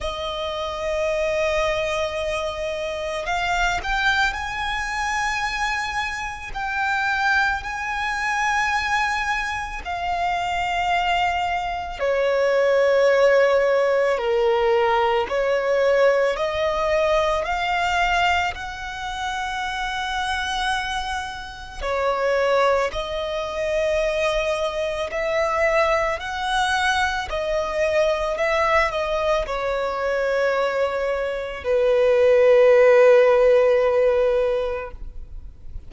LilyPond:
\new Staff \with { instrumentName = "violin" } { \time 4/4 \tempo 4 = 55 dis''2. f''8 g''8 | gis''2 g''4 gis''4~ | gis''4 f''2 cis''4~ | cis''4 ais'4 cis''4 dis''4 |
f''4 fis''2. | cis''4 dis''2 e''4 | fis''4 dis''4 e''8 dis''8 cis''4~ | cis''4 b'2. | }